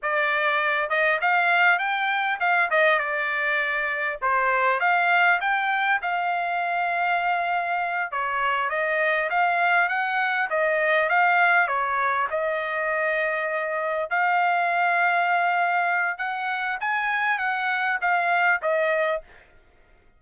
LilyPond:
\new Staff \with { instrumentName = "trumpet" } { \time 4/4 \tempo 4 = 100 d''4. dis''8 f''4 g''4 | f''8 dis''8 d''2 c''4 | f''4 g''4 f''2~ | f''4. cis''4 dis''4 f''8~ |
f''8 fis''4 dis''4 f''4 cis''8~ | cis''8 dis''2. f''8~ | f''2. fis''4 | gis''4 fis''4 f''4 dis''4 | }